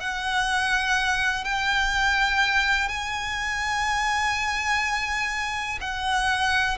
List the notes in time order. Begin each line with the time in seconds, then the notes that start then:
0.00 F#5
1.44 G5
2.89 G#5
5.81 F#5